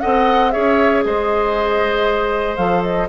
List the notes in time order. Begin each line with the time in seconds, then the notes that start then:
0.00 C4 A4 D#5 F#5
0.51 C#4 G#4 C#5 E5
1.04 G#3 C5 D#5
2.56 F3 A4 F5
2.82 D#5